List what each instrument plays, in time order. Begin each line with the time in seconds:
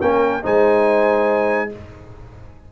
0.00 tuba A#3, trombone C#4, horn A#4, trumpet G5
0.42 tuba G#3, trombone D#4, horn C5, trumpet G#5